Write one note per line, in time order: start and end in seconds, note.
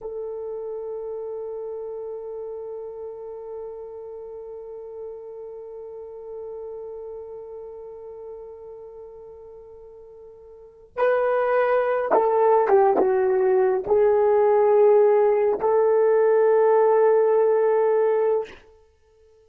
0.01 10.96 A4
10.96 12.11 B4
12.13 12.67 A4
12.67 12.96 G4
12.97 13.84 F#4
13.86 15.59 G#4
15.60 18.48 A4